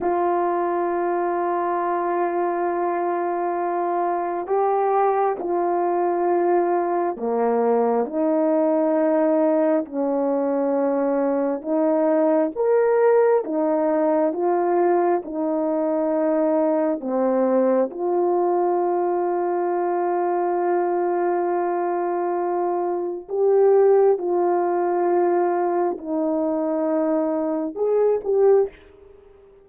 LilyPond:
\new Staff \with { instrumentName = "horn" } { \time 4/4 \tempo 4 = 67 f'1~ | f'4 g'4 f'2 | ais4 dis'2 cis'4~ | cis'4 dis'4 ais'4 dis'4 |
f'4 dis'2 c'4 | f'1~ | f'2 g'4 f'4~ | f'4 dis'2 gis'8 g'8 | }